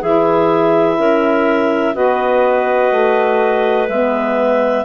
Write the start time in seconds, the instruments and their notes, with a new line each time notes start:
0.00 bassoon E3, saxophone E4, clarinet G#4 E5
0.98 bassoon C#4, clarinet A#4
1.93 bassoon B3, saxophone F#4, clarinet B4 D#5
2.91 bassoon A3
3.88 bassoon G#3, saxophone B3, clarinet E5